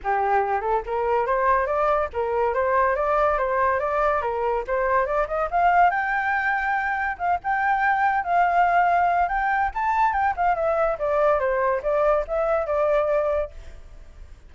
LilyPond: \new Staff \with { instrumentName = "flute" } { \time 4/4 \tempo 4 = 142 g'4. a'8 ais'4 c''4 | d''4 ais'4 c''4 d''4 | c''4 d''4 ais'4 c''4 | d''8 dis''8 f''4 g''2~ |
g''4 f''8 g''2 f''8~ | f''2 g''4 a''4 | g''8 f''8 e''4 d''4 c''4 | d''4 e''4 d''2 | }